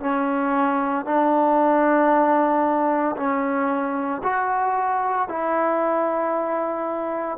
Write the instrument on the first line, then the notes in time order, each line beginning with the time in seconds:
trombone
0.00 C#4
1.05 D4
3.16 C#4
4.23 F#4
5.28 E4